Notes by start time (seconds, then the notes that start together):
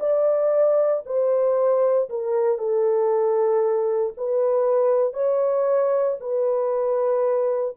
0.00 D5
1.06 C5
2.09 A#4
2.58 A4
4.17 B4
5.13 C#5
6.20 B4